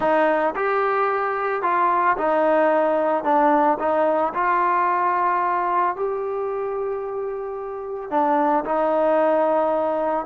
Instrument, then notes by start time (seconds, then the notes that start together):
trombone
0.00 D#4
0.55 G4
1.62 F4
2.17 D#4
3.24 D4
3.79 D#4
4.34 F4
5.96 G4
8.10 D4
8.65 D#4